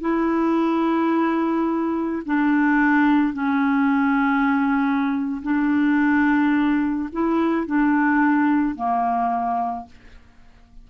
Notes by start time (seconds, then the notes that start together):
0.00 E4
2.25 D4
3.33 C#4
5.42 D4
7.12 E4
7.66 D4
8.75 A#3